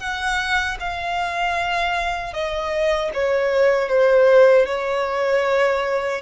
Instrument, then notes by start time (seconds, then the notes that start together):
violin
0.00 F#5
0.80 F5
2.34 D#5
3.14 C#5
3.89 C5
4.66 C#5